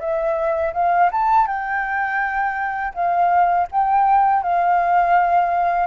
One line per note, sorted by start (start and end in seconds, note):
0.00 0.73 E5
0.74 1.10 F5
1.12 1.47 A5
1.47 2.94 G5
2.95 3.68 F5
3.72 4.43 G5
4.43 5.87 F5